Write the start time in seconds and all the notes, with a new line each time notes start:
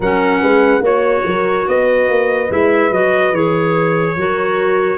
0.00 F#3 C#4 A#4 F#5
0.40 G#3 B4
0.80 A#3 F#4 C#5
1.25 F#3 A#4
1.67 B3 B4 D#5
2.08 A#3
2.49 G#3 E4 E5
2.90 F#3 F#4 D#5
3.32 E3 G#4 C#5
4.15 F#3 F#4 A#4